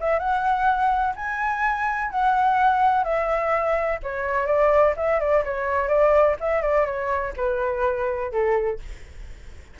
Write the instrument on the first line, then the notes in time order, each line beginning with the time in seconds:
flute
0.00 E5
0.19 F#5
1.16 G#5
2.11 F#5
3.04 E5
4.03 C#5
4.46 D5
4.96 E5
5.20 D5
5.45 C#5
5.88 D5
6.40 E5
6.62 D5
6.85 C#5
7.37 B4
8.32 A4